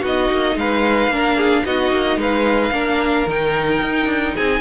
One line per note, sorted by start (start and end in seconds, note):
0.00 0.30 B3
0.00 1.12 D#4
0.00 0.54 F#4
0.00 0.58 D#5
0.31 0.56 A#3
0.56 1.08 G#3
0.56 1.13 B4
0.56 1.65 F5
1.08 1.62 A#3
1.08 1.66 D4
1.08 1.36 A#4
1.36 1.64 G#4
1.65 1.92 B3
1.65 2.72 D#4
1.65 2.19 F#4
1.65 2.19 D#5
1.92 2.16 A#3
2.16 2.70 G#3
2.16 2.73 B4
2.16 3.30 F5
2.71 3.25 A#3
2.71 3.26 D4
2.71 4.34 A#4
3.27 3.81 D#3
3.27 4.61 D#4
3.27 4.36 G5
3.82 4.06 D#4
4.06 4.33 D4
4.34 4.61 C4
4.34 4.61 G#4
4.34 4.61 G#5